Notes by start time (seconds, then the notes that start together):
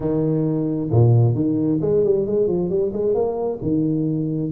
0.00 D#3
0.91 A#2
1.34 D#3
1.81 G#3
2.03 G3
2.26 G#3
2.47 F3
2.69 G3
2.92 G#3
3.14 A#3
3.62 D#3